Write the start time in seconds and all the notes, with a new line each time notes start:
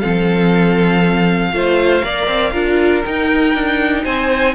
0.00 F3 C4 A4 F5
1.52 A3 F4 C5
2.03 A#3 A#4 D5
2.27 C4
2.51 D4 F4 A#4
3.05 D#4 G5
3.54 D4
4.04 C4 C5 G#5